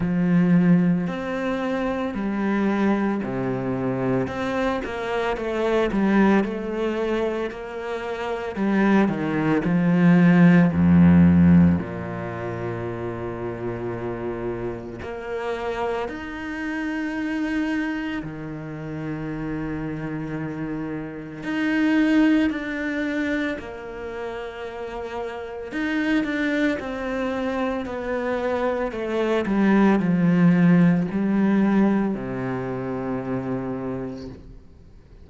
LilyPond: \new Staff \with { instrumentName = "cello" } { \time 4/4 \tempo 4 = 56 f4 c'4 g4 c4 | c'8 ais8 a8 g8 a4 ais4 | g8 dis8 f4 f,4 ais,4~ | ais,2 ais4 dis'4~ |
dis'4 dis2. | dis'4 d'4 ais2 | dis'8 d'8 c'4 b4 a8 g8 | f4 g4 c2 | }